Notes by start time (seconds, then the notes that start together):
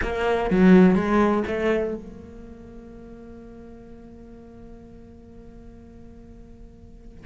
0.02 A#3
0.50 F#3
0.95 G#3
1.47 A3
1.95 A#3